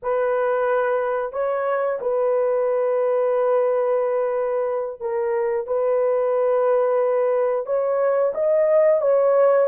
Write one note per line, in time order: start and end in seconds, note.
0.02 1.32 B4
1.32 1.99 C#5
2.00 5.00 B4
5.00 5.67 A#4
5.67 7.65 B4
7.65 8.32 C#5
8.34 9.01 D#5
9.01 9.67 C#5